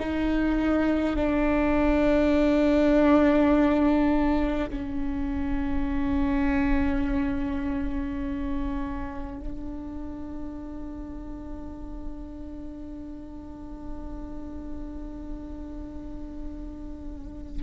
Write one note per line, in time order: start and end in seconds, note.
0.00 1.17 D#4
1.17 4.70 D4
4.70 9.40 C#4
9.40 17.63 D4